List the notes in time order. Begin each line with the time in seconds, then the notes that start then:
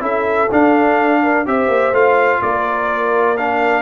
0.00 C#4 E4 A4 E5
0.52 D4 F5
1.23 A#4
1.46 C4 G4 C5 E5
1.68 A#3
1.92 A3 F4 F5
2.42 A#3 A#4 D5
3.37 D4 F5